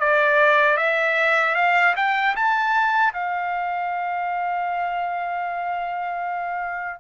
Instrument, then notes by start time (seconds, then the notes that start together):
trumpet
0.00 D5
0.77 E5
1.55 F5
1.96 G5
2.36 A5
3.13 F5